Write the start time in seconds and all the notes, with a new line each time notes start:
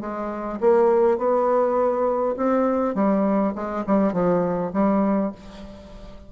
0.00 G#3
0.60 A#3
1.18 B3
2.36 C4
2.95 G3
3.55 G#3
3.86 G3
4.13 F3
4.73 G3